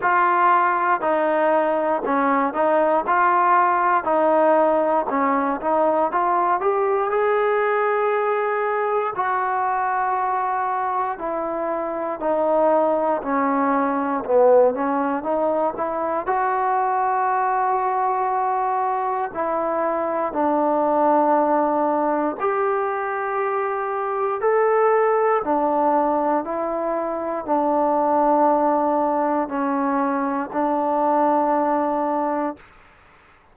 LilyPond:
\new Staff \with { instrumentName = "trombone" } { \time 4/4 \tempo 4 = 59 f'4 dis'4 cis'8 dis'8 f'4 | dis'4 cis'8 dis'8 f'8 g'8 gis'4~ | gis'4 fis'2 e'4 | dis'4 cis'4 b8 cis'8 dis'8 e'8 |
fis'2. e'4 | d'2 g'2 | a'4 d'4 e'4 d'4~ | d'4 cis'4 d'2 | }